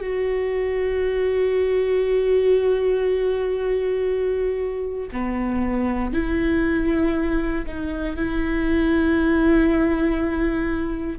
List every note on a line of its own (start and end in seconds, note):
0.00 5.08 F#4
5.12 6.13 B3
6.13 7.65 E4
7.66 8.16 D#4
8.16 11.19 E4